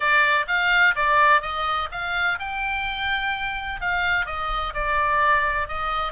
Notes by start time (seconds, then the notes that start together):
0.00 D5
0.47 F5
0.95 D5
1.41 D#5
1.91 F5
2.39 G5
3.80 F5
4.26 D#5
4.74 D5
5.68 D#5